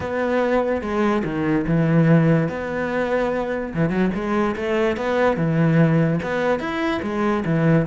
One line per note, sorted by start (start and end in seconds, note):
0.00 0.81 B3
0.81 1.23 G#3
1.24 1.65 D#3
1.67 2.48 E3
2.48 3.73 B3
3.74 3.89 E3
3.89 4.10 F#3
4.14 4.55 G#3
4.55 4.96 A3
4.96 5.37 B3
5.37 6.19 E3
6.23 6.59 B3
6.59 7.00 E4
7.02 7.44 G#3
7.45 7.86 E3